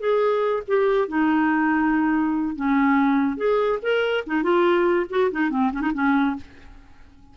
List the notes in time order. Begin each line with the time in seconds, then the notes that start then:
0.00 G#4
0.68 G4
1.08 D#4
2.56 C#4
3.37 G#4
3.82 A#4
4.27 D#4
4.43 F4
5.10 F#4
5.32 D#4
5.51 C4
5.73 C#4
5.82 D#4
5.94 C#4